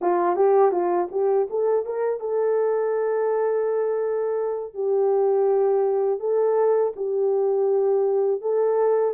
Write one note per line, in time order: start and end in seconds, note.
0.01 0.36 F4
0.36 0.72 G4
0.72 1.08 F4
1.11 1.47 G4
1.50 1.85 A4
1.85 2.20 A#4
2.20 4.74 A4
4.74 6.19 G4
6.19 6.92 A4
6.95 8.41 G4
8.41 9.13 A4